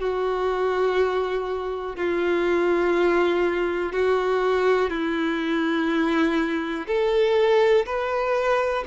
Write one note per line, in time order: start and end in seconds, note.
0.00 1.96 F#4
1.96 3.93 F4
3.93 4.90 F#4
4.90 6.87 E4
6.87 7.86 A4
7.86 8.84 B4